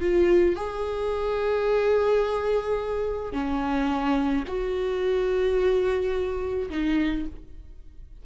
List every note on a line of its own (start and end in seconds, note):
0.00 0.56 F4
0.56 3.32 G#4
3.32 4.43 C#4
4.47 6.69 F#4
6.69 7.25 D#4